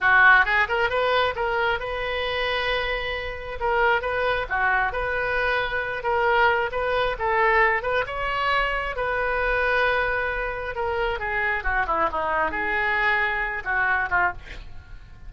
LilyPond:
\new Staff \with { instrumentName = "oboe" } { \time 4/4 \tempo 4 = 134 fis'4 gis'8 ais'8 b'4 ais'4 | b'1 | ais'4 b'4 fis'4 b'4~ | b'4. ais'4. b'4 |
a'4. b'8 cis''2 | b'1 | ais'4 gis'4 fis'8 e'8 dis'4 | gis'2~ gis'8 fis'4 f'8 | }